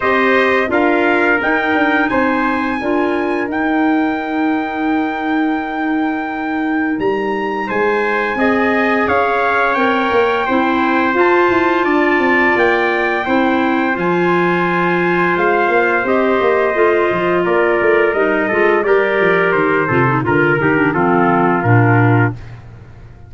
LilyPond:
<<
  \new Staff \with { instrumentName = "trumpet" } { \time 4/4 \tempo 4 = 86 dis''4 f''4 g''4 gis''4~ | gis''4 g''2.~ | g''2 ais''4 gis''4~ | gis''4 f''4 g''2 |
a''2 g''2 | gis''2 f''4 dis''4~ | dis''4 d''4 dis''4 d''4 | c''4 ais'8 g'8 a'4 ais'4 | }
  \new Staff \with { instrumentName = "trumpet" } { \time 4/4 c''4 ais'2 c''4 | ais'1~ | ais'2. c''4 | dis''4 cis''2 c''4~ |
c''4 d''2 c''4~ | c''1~ | c''4 ais'4. a'8 ais'4~ | ais'8 a'8 ais'4 f'2 | }
  \new Staff \with { instrumentName = "clarinet" } { \time 4/4 g'4 f'4 dis'2 | f'4 dis'2.~ | dis'1 | gis'2 ais'4 e'4 |
f'2. e'4 | f'2. g'4 | f'2 dis'8 f'8 g'4~ | g'8 f'16 dis'16 f'8 dis'16 d'16 c'4 d'4 | }
  \new Staff \with { instrumentName = "tuba" } { \time 4/4 c'4 d'4 dis'8 d'8 c'4 | d'4 dis'2.~ | dis'2 g4 gis4 | c'4 cis'4 c'8 ais8 c'4 |
f'8 e'8 d'8 c'8 ais4 c'4 | f2 gis8 ais8 c'8 ais8 | a8 f8 ais8 a8 g8 gis8 g8 f8 | dis8 c8 d8 dis8 f4 ais,4 | }
>>